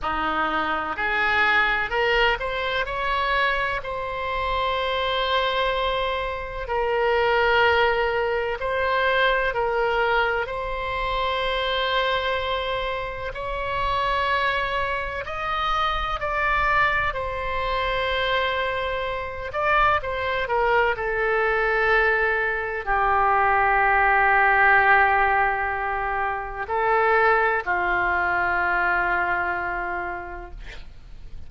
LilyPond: \new Staff \with { instrumentName = "oboe" } { \time 4/4 \tempo 4 = 63 dis'4 gis'4 ais'8 c''8 cis''4 | c''2. ais'4~ | ais'4 c''4 ais'4 c''4~ | c''2 cis''2 |
dis''4 d''4 c''2~ | c''8 d''8 c''8 ais'8 a'2 | g'1 | a'4 f'2. | }